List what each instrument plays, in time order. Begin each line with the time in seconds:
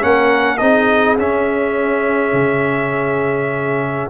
0.00 tuba A#3, trombone C#4, horn A#4, trumpet F#5
0.57 tuba C4, trombone D#4, horn G#4, trumpet D#5
1.17 tuba C#4, trombone C#4, trumpet E5
2.33 tuba C#3